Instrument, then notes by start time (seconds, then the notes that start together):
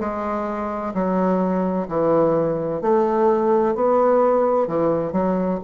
bassoon
0.00 G#3
0.95 F#3
1.89 E3
2.82 A3
3.75 B3
4.67 E3
5.13 F#3